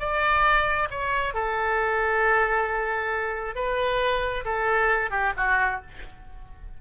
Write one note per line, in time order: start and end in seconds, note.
0.00 0.89 D5
0.91 1.34 C#5
1.34 3.56 A4
3.56 4.45 B4
4.45 5.11 A4
5.11 5.33 G4
5.37 5.82 F#4